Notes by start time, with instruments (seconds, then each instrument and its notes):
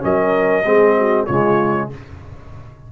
0.00 tuba F#3, trombone C#4, horn A#4, trumpet D#5
0.64 tuba G#3, trombone C4, horn G#4
0.98 horn F#4
1.26 tuba C#3, trombone G#3, horn F4, trumpet C#5